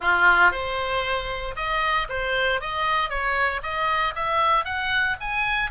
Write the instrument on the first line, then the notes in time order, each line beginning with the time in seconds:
oboe
0.00 F4
0.51 C5
1.56 D#5
2.09 C5
2.60 D#5
3.09 C#5
3.62 D#5
4.15 E5
4.64 F#5
5.20 G#5